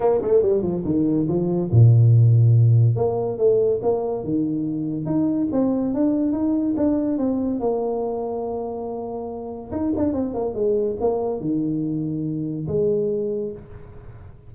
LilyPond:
\new Staff \with { instrumentName = "tuba" } { \time 4/4 \tempo 4 = 142 ais8 a8 g8 f8 dis4 f4 | ais,2. ais4 | a4 ais4 dis2 | dis'4 c'4 d'4 dis'4 |
d'4 c'4 ais2~ | ais2. dis'8 d'8 | c'8 ais8 gis4 ais4 dis4~ | dis2 gis2 | }